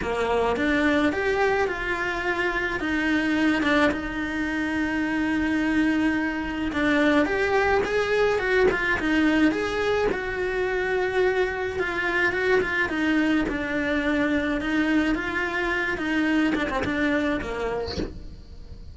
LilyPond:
\new Staff \with { instrumentName = "cello" } { \time 4/4 \tempo 4 = 107 ais4 d'4 g'4 f'4~ | f'4 dis'4. d'8 dis'4~ | dis'1 | d'4 g'4 gis'4 fis'8 f'8 |
dis'4 gis'4 fis'2~ | fis'4 f'4 fis'8 f'8 dis'4 | d'2 dis'4 f'4~ | f'8 dis'4 d'16 c'16 d'4 ais4 | }